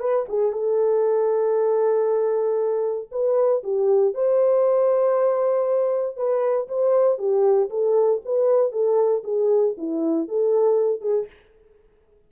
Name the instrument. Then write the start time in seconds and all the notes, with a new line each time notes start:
horn
0.00 B4
0.29 G#4
0.53 A4
3.12 B4
3.64 G4
4.15 C5
6.17 B4
6.69 C5
7.19 G4
7.70 A4
8.26 B4
8.72 A4
9.24 G#4
9.78 E4
10.28 A4
11.01 G#4